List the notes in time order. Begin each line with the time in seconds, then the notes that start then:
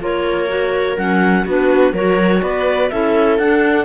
0.00 A#3 F4 A#4 C#5
0.47 F#4
0.97 F#3 C#4 F#5
1.44 B3 D4 F#4 B4
1.93 F#3 F#4 A#4 C#5
2.42 B3 B4 D5
2.89 C#4 E4 A4 E5
3.38 D4 F#5